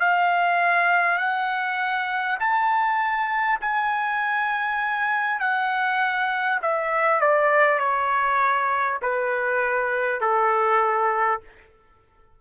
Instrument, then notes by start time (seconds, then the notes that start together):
trumpet
0.00 F5
1.18 F#5
2.39 A5
3.61 G#5
5.40 F#5
6.62 E5
7.21 D5
7.79 C#5
9.02 B4
10.21 A4